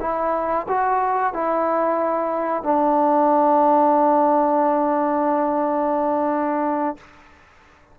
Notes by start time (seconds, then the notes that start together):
0.00 E4
0.68 F#4
1.33 E4
2.63 D4